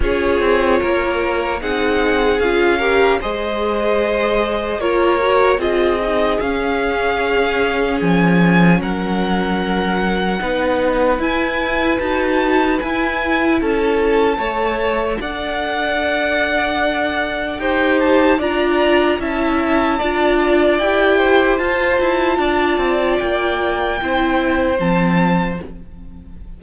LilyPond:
<<
  \new Staff \with { instrumentName = "violin" } { \time 4/4 \tempo 4 = 75 cis''2 fis''4 f''4 | dis''2 cis''4 dis''4 | f''2 gis''4 fis''4~ | fis''2 gis''4 a''4 |
gis''4 a''2 fis''4~ | fis''2 g''8 a''8 ais''4 | a''2 g''4 a''4~ | a''4 g''2 a''4 | }
  \new Staff \with { instrumentName = "violin" } { \time 4/4 gis'4 ais'4 gis'4. ais'8 | c''2 ais'4 gis'4~ | gis'2. ais'4~ | ais'4 b'2.~ |
b'4 a'4 cis''4 d''4~ | d''2 c''4 d''4 | e''4 d''4. c''4. | d''2 c''2 | }
  \new Staff \with { instrumentName = "viola" } { \time 4/4 f'2 dis'4 f'8 g'8 | gis'2 f'8 fis'8 f'8 dis'8 | cis'1~ | cis'4 dis'4 e'4 fis'4 |
e'2 a'2~ | a'2 g'4 f'4 | e'4 f'4 g'4 f'4~ | f'2 e'4 c'4 | }
  \new Staff \with { instrumentName = "cello" } { \time 4/4 cis'8 c'8 ais4 c'4 cis'4 | gis2 ais4 c'4 | cis'2 f4 fis4~ | fis4 b4 e'4 dis'4 |
e'4 cis'4 a4 d'4~ | d'2 dis'4 d'4 | cis'4 d'4 e'4 f'8 e'8 | d'8 c'8 ais4 c'4 f4 | }
>>